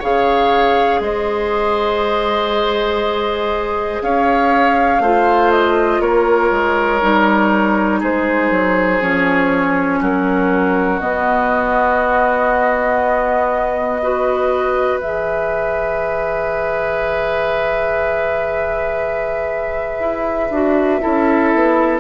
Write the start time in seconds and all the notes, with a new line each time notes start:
0.00 C#3 G#4 C#5 F5
1.00 G#3 C5 D#5
4.02 C#4 C#5 F5
5.00 A3 F4 C5
5.51 D#5
6.01 A#3 A#4 C#5
6.51 G#3
7.01 G3 D#4
8.00 G#3 G#4 C5
8.51 F#3
9.01 F3 C#4 C#5
10.01 F#3 F#4 A#4
11.00 B3 D#5
14.03 F#4 B4
15.01 E3 G#4 E5
20.00 E4
20.50 D4 F#4
21.01 C#4 E4 A4
21.55 B3